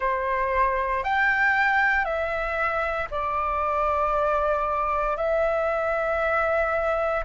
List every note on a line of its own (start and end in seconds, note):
0.00 1.03 C5
1.03 2.04 G5
2.04 3.08 E5
3.10 5.17 D5
5.17 7.24 E5